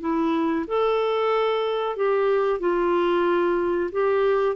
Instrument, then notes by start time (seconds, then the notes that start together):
clarinet
0.00 E4
0.67 A4
1.96 G4
2.59 F4
3.91 G4